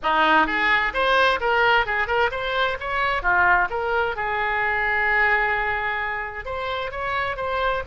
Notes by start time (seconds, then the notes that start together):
0.02 D#4
0.46 G#4
0.93 C5
1.40 A#4
1.86 G#4
2.07 A#4
2.31 C5
2.79 C#5
3.22 F4
3.70 A#4
4.16 G#4
6.45 C5
6.91 C#5
7.36 C5